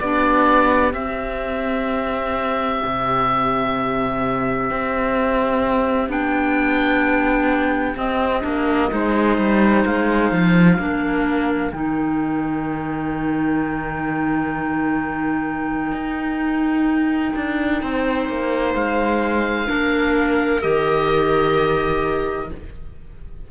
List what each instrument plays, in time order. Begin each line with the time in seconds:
0.00 cello B3, clarinet D4, viola G4, oboe D5
0.93 clarinet C4, cello C4, oboe E5
2.85 cello C3
4.71 cello C4
6.09 cello B3, clarinet D4, oboe G5
7.96 clarinet C4, cello C4, oboe D#5
8.42 cello A#3, clarinet D4
8.90 cello G#3, clarinet D#4, viola C5
9.38 cello G3
9.86 cello G#3, oboe F5
10.32 cello F3
10.79 cello A#3, clarinet D4, viola A#4
11.72 cello D#3, clarinet D#4, oboe G5
15.92 cello D#4
17.36 cello D4
17.82 cello C4, viola C5
18.29 cello A#3
18.75 cello G#3, oboe F5
19.67 cello A#3, clarinet D4, viola A#4
20.62 cello D#3, clarinet G4, oboe D#5